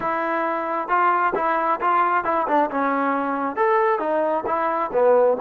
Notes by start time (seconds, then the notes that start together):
0.00 E4
0.88 F4
1.35 E4
1.81 F4
2.24 E4
2.47 D4
2.70 C#4
3.56 A4
3.99 D#4
4.46 E4
4.92 B3